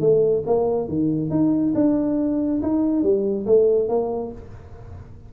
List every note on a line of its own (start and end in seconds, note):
0.00 0.43 A3
0.46 0.88 A#3
0.88 1.30 D#3
1.30 1.73 D#4
1.74 2.61 D4
2.62 3.03 D#4
3.03 3.46 G3
3.46 3.88 A3
3.88 4.32 A#3